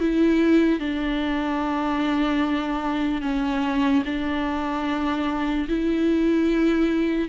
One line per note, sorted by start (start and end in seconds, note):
0.00 0.80 E4
0.80 3.22 D4
3.22 4.03 C#4
4.05 5.68 D4
5.68 7.29 E4